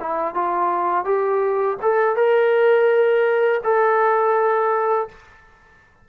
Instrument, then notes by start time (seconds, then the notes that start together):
trombone
0.00 E4
0.35 F4
1.05 G4
1.82 A4
2.16 A#4
3.64 A4